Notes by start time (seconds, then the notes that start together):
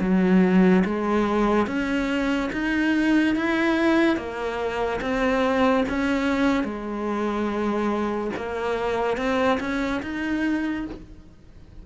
0.00 F#3
0.85 G#3
1.67 C#4
2.52 D#4
3.35 E4
4.16 A#3
5.01 C4
5.89 C#4
6.64 G#3
8.36 A#3
9.17 C4
9.60 C#4
10.02 D#4